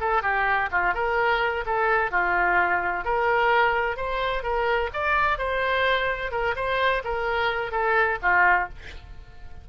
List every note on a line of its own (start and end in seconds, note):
0.00 0.22 A4
0.22 0.69 G4
0.71 0.94 F4
0.94 1.64 A#4
1.66 2.11 A4
2.11 3.04 F4
3.04 3.96 A#4
3.96 4.43 C5
4.43 4.90 A#4
4.93 5.38 D5
5.38 6.31 C5
6.31 6.55 A#4
6.56 7.02 C5
7.04 7.71 A#4
7.71 8.18 A4
8.22 8.69 F4